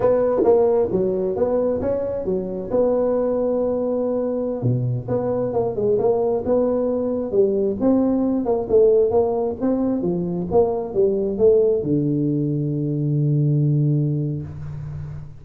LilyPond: \new Staff \with { instrumentName = "tuba" } { \time 4/4 \tempo 4 = 133 b4 ais4 fis4 b4 | cis'4 fis4 b2~ | b2~ b16 b,4 b8.~ | b16 ais8 gis8 ais4 b4.~ b16~ |
b16 g4 c'4. ais8 a8.~ | a16 ais4 c'4 f4 ais8.~ | ais16 g4 a4 d4.~ d16~ | d1 | }